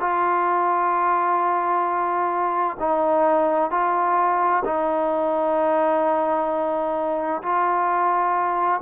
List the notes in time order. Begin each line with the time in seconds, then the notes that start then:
0.00 F4
2.79 D#4
3.70 F4
4.64 D#4
7.42 F4